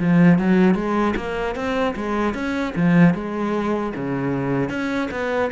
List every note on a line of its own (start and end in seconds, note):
0.00 0.39 F3
0.39 0.75 F#3
0.75 1.14 G#3
1.16 1.56 A#3
1.56 1.95 C4
1.96 2.35 G#3
2.35 2.74 C#4
2.76 3.14 F3
3.14 3.93 G#3
3.96 4.70 C#3
4.70 5.09 C#4
5.11 5.51 B3